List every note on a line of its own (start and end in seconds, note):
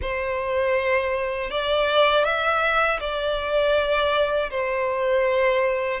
0.01 1.50 C5
1.50 2.24 D5
2.24 2.99 E5
3.00 4.50 D5
4.50 6.00 C5